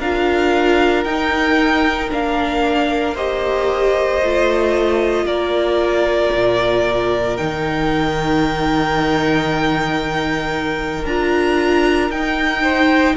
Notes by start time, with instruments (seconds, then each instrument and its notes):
0.00 cello D4, viola F4, violin A#4 F5
1.04 cello D#4, viola D#4, violin G5
2.11 cello A#3, viola D4, violin F5
3.14 viola G4, violin C5 D#5
4.22 cello A3, viola F4
5.25 cello A#3, violin A#4 D5
6.34 cello A#2
7.37 cello D#3, viola D#4, violin G5
11.05 cello D4, viola F4, violin A#5
12.10 cello D#4, viola D#4, violin G5
12.63 violin C5